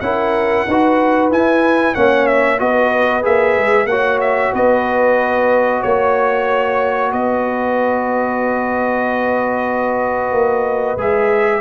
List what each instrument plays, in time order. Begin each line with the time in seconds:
0.00 tuba C#4, trombone E4, horn A#4, trumpet F#5
0.67 tuba D#4, trombone F#4, horn B4
1.30 tuba E4, trombone E4, trumpet G#5
1.94 tuba A#3, trombone C#4, horn C#5, trumpet F#5
2.26 trumpet E5
2.58 tuba B3, trombone F#4, horn B4, trumpet D#5
3.22 tuba A#3, trombone G#4, trumpet E5
3.56 tuba G#3
3.85 tuba A#3, trombone F#4, horn C#5, trumpet F#5
4.20 trumpet E5
4.53 tuba B3, horn B4, trumpet D#5
5.81 tuba A#3, horn C#5, trumpet C#5
7.11 tuba B3, horn B4, trumpet D#5
10.31 tuba A#3
10.96 tuba G#3, trombone G#4, trumpet E5